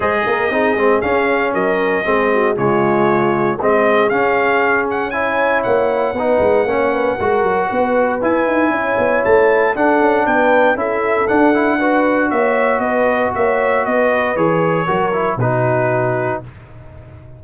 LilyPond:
<<
  \new Staff \with { instrumentName = "trumpet" } { \time 4/4 \tempo 4 = 117 dis''2 f''4 dis''4~ | dis''4 cis''2 dis''4 | f''4. fis''8 gis''4 fis''4~ | fis''1 |
gis''2 a''4 fis''4 | g''4 e''4 fis''2 | e''4 dis''4 e''4 dis''4 | cis''2 b'2 | }
  \new Staff \with { instrumentName = "horn" } { \time 4/4 c''8 ais'8 gis'2 ais'4 | gis'8 fis'8 f'2 gis'4~ | gis'2 cis''2 | b'4 cis''8 b'8 ais'4 b'4~ |
b'4 cis''2 a'4 | b'4 a'2 b'4 | cis''4 b'4 cis''4 b'4~ | b'4 ais'4 fis'2 | }
  \new Staff \with { instrumentName = "trombone" } { \time 4/4 gis'4 dis'8 c'8 cis'2 | c'4 gis2 c'4 | cis'2 e'2 | dis'4 cis'4 fis'2 |
e'2. d'4~ | d'4 e'4 d'8 e'8 fis'4~ | fis'1 | gis'4 fis'8 e'8 dis'2 | }
  \new Staff \with { instrumentName = "tuba" } { \time 4/4 gis8 ais8 c'8 gis8 cis'4 fis4 | gis4 cis2 gis4 | cis'2. ais4 | b8 gis8 ais4 gis8 fis8 b4 |
e'8 dis'8 cis'8 b8 a4 d'8 cis'8 | b4 cis'4 d'2 | ais4 b4 ais4 b4 | e4 fis4 b,2 | }
>>